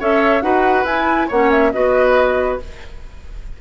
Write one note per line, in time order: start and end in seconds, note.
0.00 0.42 C#4
0.00 0.42 A4
0.00 0.43 C#5
0.00 0.42 E5
0.42 0.84 D#4
0.42 0.85 F#4
0.42 1.28 B4
0.42 0.85 F#5
0.84 1.27 E4
0.84 1.31 E4
0.84 1.29 G#5
1.28 1.74 A#3
1.28 1.73 C#4
1.28 1.71 C#5
1.28 1.51 F#5
1.51 1.72 E5
1.72 2.61 B3
1.72 2.60 F#4
1.72 2.61 B4
1.72 2.59 D#5